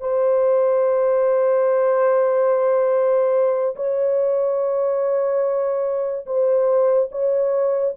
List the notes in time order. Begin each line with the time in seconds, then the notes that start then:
0.00 C5
3.76 C#5
6.26 C5
7.11 C#5